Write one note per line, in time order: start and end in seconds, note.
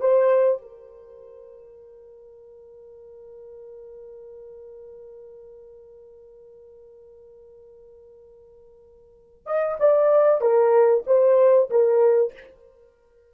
0.00 0.62 C5
0.62 9.46 A#4
9.46 9.77 D#5
9.80 10.41 D5
10.41 11.04 A#4
11.06 11.70 C5
11.70 12.33 A#4